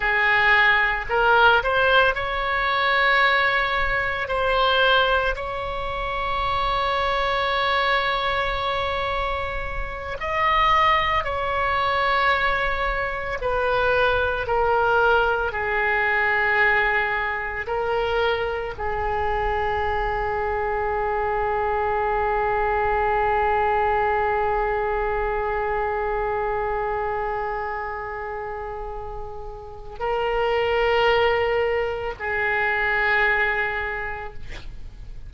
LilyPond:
\new Staff \with { instrumentName = "oboe" } { \time 4/4 \tempo 4 = 56 gis'4 ais'8 c''8 cis''2 | c''4 cis''2.~ | cis''4. dis''4 cis''4.~ | cis''8 b'4 ais'4 gis'4.~ |
gis'8 ais'4 gis'2~ gis'8~ | gis'1~ | gis'1 | ais'2 gis'2 | }